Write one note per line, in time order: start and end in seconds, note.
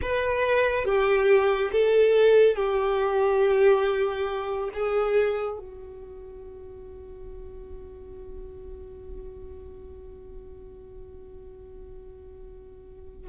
0.01 0.85 B4
0.85 1.71 G4
1.72 2.56 A4
2.56 4.70 G4
4.73 5.58 G#4
5.58 13.29 F#4